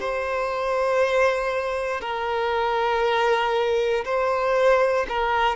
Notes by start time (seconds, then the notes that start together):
0.00 C5
2.01 A#4
4.05 C5
5.09 A#4